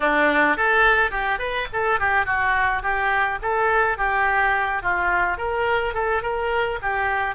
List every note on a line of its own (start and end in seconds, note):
0.00 0.57 D4
0.57 1.10 A4
1.10 1.39 G4
1.39 1.67 B4
1.72 1.99 A4
1.99 2.25 G4
2.25 2.82 F#4
2.82 3.39 G4
3.42 3.97 A4
3.97 4.82 G4
4.82 5.37 F4
5.37 5.94 A#4
5.94 6.22 A4
6.22 6.79 A#4
6.82 7.35 G4